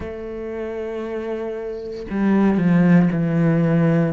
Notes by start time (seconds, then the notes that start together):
0.00 A3
2.10 G3
2.57 F3
3.12 E3